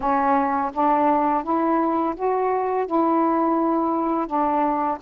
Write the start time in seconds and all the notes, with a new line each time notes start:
0.00 C#4
0.73 D4
1.43 E4
2.16 F#4
2.86 E4
4.26 D4